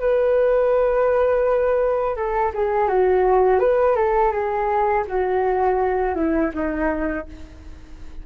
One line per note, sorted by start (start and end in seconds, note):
0.00 2.16 B4
2.16 2.52 A4
2.54 2.88 G#4
2.88 3.60 F#4
3.60 3.96 B4
3.96 4.32 A4
4.32 5.04 G#4
5.08 6.15 F#4
6.15 6.51 E4
6.54 7.27 D#4